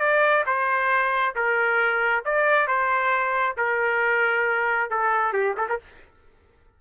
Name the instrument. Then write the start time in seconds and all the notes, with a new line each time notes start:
trumpet
0.00 D5
0.46 C5
1.36 A#4
2.25 D5
2.68 C5
3.57 A#4
4.91 A4
5.33 G4
5.58 A4
5.69 A#4